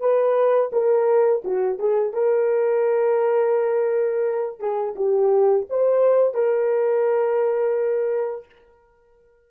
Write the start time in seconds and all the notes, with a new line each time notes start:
0.00 B4
0.73 A#4
1.44 F#4
1.79 G#4
2.13 A#4
4.60 G#4
4.96 G4
5.70 C5
6.34 A#4